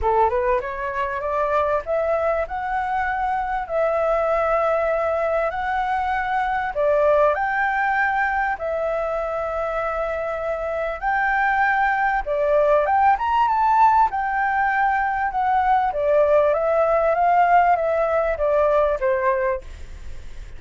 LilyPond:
\new Staff \with { instrumentName = "flute" } { \time 4/4 \tempo 4 = 98 a'8 b'8 cis''4 d''4 e''4 | fis''2 e''2~ | e''4 fis''2 d''4 | g''2 e''2~ |
e''2 g''2 | d''4 g''8 ais''8 a''4 g''4~ | g''4 fis''4 d''4 e''4 | f''4 e''4 d''4 c''4 | }